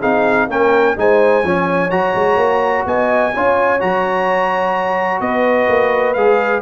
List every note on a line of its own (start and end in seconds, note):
0.00 0.48 C4
0.00 0.49 D#4
0.00 0.47 G#4
0.00 0.49 F5
0.48 0.95 A#3
0.48 0.97 C#4
0.48 0.96 A#4
0.48 0.98 G5
0.97 1.44 G#3
0.97 1.44 D#4
0.97 1.45 C5
0.97 1.90 G#5
1.44 1.91 F3
1.44 1.91 C#4
1.44 2.87 C#5
1.90 2.15 F#3
1.90 3.33 F#4
1.90 2.85 A#5
2.15 2.37 G#3
2.37 2.84 A#3
2.86 3.33 B3
2.86 3.35 D#5
2.86 3.81 G#5
3.35 3.82 C#4
3.35 3.80 F4
3.35 5.22 C#5
3.80 5.21 F#3
3.80 6.16 F#4
3.80 5.21 A#5
5.21 5.68 B3
5.21 6.62 B4
5.21 6.14 D#5
5.69 6.16 A#3
6.14 6.62 G#3
6.14 6.62 G#4
6.14 6.61 F5